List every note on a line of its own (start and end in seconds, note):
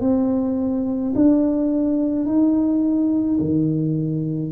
0.00 1.13 C4
1.15 2.25 D4
2.25 3.39 D#4
3.40 4.52 D#3